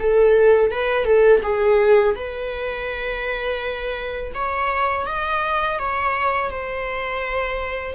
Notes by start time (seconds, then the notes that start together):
0.00 A4
0.71 B4
1.05 A4
1.43 G#4
2.16 B4
4.34 C#5
5.07 D#5
5.79 C#5
6.51 C5